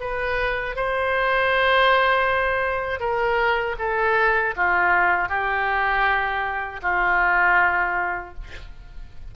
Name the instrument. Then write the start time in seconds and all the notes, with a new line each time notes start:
oboe
0.00 B4
0.76 C5
3.00 A#4
3.78 A4
4.56 F4
5.29 G4
6.82 F4